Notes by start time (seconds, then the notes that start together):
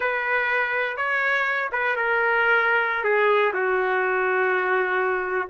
0.00 B4
0.96 C#5
1.72 B4
1.95 A#4
3.04 G#4
3.53 F#4